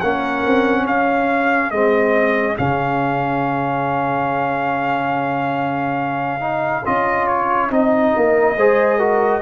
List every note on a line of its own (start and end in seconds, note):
0.00 0.45 A#3
0.00 1.72 C#4
0.00 0.83 A#4
0.00 0.86 F#5
0.46 0.86 C4
0.83 1.71 C#4
0.83 8.11 G#4
0.83 1.70 F5
1.70 2.57 G#3
1.70 2.56 C4
1.70 2.56 D#5
2.56 6.87 C#3
2.56 6.40 C#4
2.56 6.86 F5
6.40 6.83 D#4
6.85 7.70 C#4
6.85 7.70 F4
6.85 7.27 D#5
7.27 7.70 C#5
7.70 8.13 C4
7.70 8.56 D#4
7.70 9.42 D#5
8.16 8.56 A#3
8.16 8.57 A#4
8.56 9.41 G#3
8.56 8.99 G#4
8.56 8.98 C5
8.98 9.41 F#4
8.98 9.41 A#4